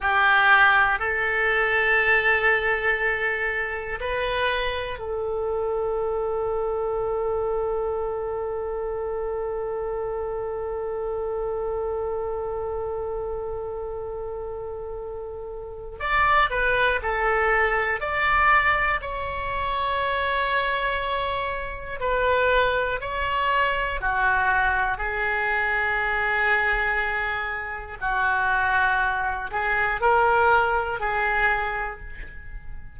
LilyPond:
\new Staff \with { instrumentName = "oboe" } { \time 4/4 \tempo 4 = 60 g'4 a'2. | b'4 a'2.~ | a'1~ | a'1 |
d''8 b'8 a'4 d''4 cis''4~ | cis''2 b'4 cis''4 | fis'4 gis'2. | fis'4. gis'8 ais'4 gis'4 | }